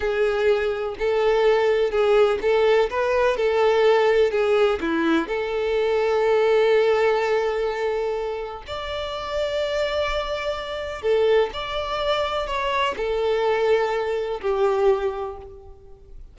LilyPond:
\new Staff \with { instrumentName = "violin" } { \time 4/4 \tempo 4 = 125 gis'2 a'2 | gis'4 a'4 b'4 a'4~ | a'4 gis'4 e'4 a'4~ | a'1~ |
a'2 d''2~ | d''2. a'4 | d''2 cis''4 a'4~ | a'2 g'2 | }